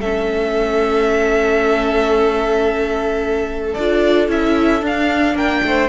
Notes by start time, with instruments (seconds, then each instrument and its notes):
0.00 cello A3, viola C#4, violin A4 E5
3.74 cello D4, viola F4, violin D5
4.28 cello C#4, viola E4, violin E5
4.82 viola D4, cello D4, violin F5
5.35 cello A#3, violin A#4 G5
5.64 cello A3, violin C5